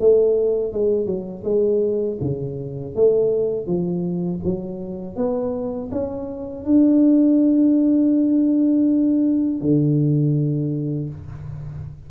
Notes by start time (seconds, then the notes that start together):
0.00 A3
0.72 G#3
1.06 F#3
1.44 G#3
2.21 C#3
2.95 A3
3.66 F3
4.44 F#3
5.16 B3
5.92 C#4
6.65 D4
9.61 D3